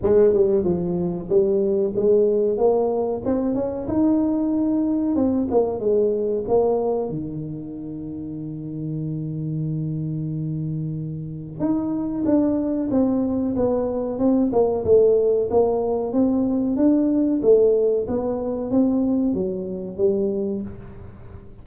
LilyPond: \new Staff \with { instrumentName = "tuba" } { \time 4/4 \tempo 4 = 93 gis8 g8 f4 g4 gis4 | ais4 c'8 cis'8 dis'2 | c'8 ais8 gis4 ais4 dis4~ | dis1~ |
dis2 dis'4 d'4 | c'4 b4 c'8 ais8 a4 | ais4 c'4 d'4 a4 | b4 c'4 fis4 g4 | }